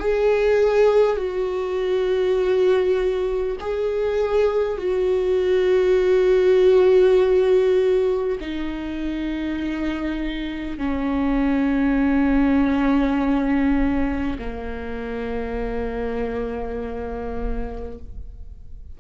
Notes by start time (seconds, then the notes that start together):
0.00 G#4
1.17 F#4
3.60 G#4
4.78 F#4
8.41 D#4
10.78 C#4
14.39 A#3